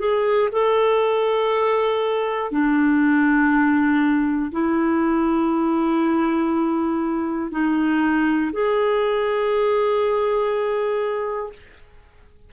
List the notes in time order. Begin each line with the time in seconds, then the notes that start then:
0.00 G#4
0.52 A4
2.51 D4
4.52 E4
7.52 D#4
8.53 G#4